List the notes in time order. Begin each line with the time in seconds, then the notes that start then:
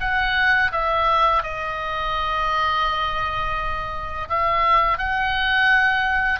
0.00 F#5
0.71 E5
1.43 D#5
4.29 E5
4.98 F#5